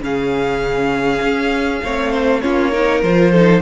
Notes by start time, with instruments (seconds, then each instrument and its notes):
0.00 cello C#3, viola C#4, violin G#4 F5
1.21 cello C#4
1.84 cello A3, viola C4, violin C#5
2.10 violin C5
2.41 cello A#3, viola C#4, violin F4 C#5
2.71 viola D#4, violin A#4
3.02 cello F3, viola F4, violin C5
3.31 viola D#4, violin A4